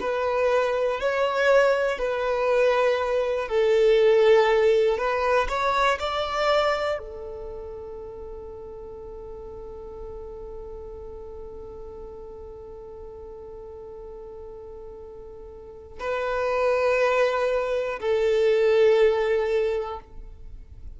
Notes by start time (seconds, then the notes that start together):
0.00 B4
1.00 C#5
1.98 B4
3.48 A4
4.97 B4
5.49 C#5
5.99 D5
6.99 A4
15.99 B4
17.99 A4